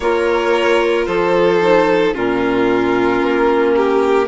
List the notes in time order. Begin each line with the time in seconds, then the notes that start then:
0.00 A#3 F4 A#4 C#5
1.05 F3 A4 C5
1.61 D#4
2.14 A#2 C#4 F4 A#4
3.21 A#3
3.76 G4